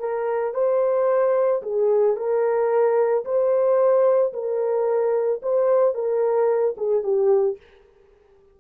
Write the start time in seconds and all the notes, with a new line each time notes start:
0.00 A#4
0.54 C5
1.63 G#4
2.16 A#4
3.25 C5
4.33 A#4
5.43 C5
5.94 A#4
6.77 G#4
7.03 G4